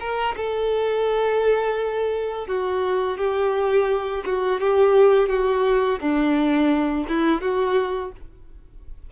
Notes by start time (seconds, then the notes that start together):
0.00 A#4
0.37 A4
2.48 F#4
3.18 G4
4.26 F#4
4.60 G4
5.29 F#4
6.01 D4
7.09 E4
7.41 F#4